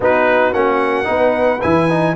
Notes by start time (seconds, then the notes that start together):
0.00 B3 D#4 F#4 B4
0.53 A#3 C#4 F#5
1.04 B3 D#4 B4
1.61 E3 E4 G#5
1.89 D#4